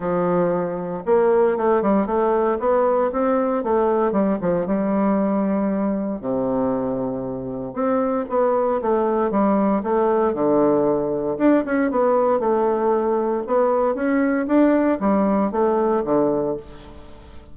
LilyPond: \new Staff \with { instrumentName = "bassoon" } { \time 4/4 \tempo 4 = 116 f2 ais4 a8 g8 | a4 b4 c'4 a4 | g8 f8 g2. | c2. c'4 |
b4 a4 g4 a4 | d2 d'8 cis'8 b4 | a2 b4 cis'4 | d'4 g4 a4 d4 | }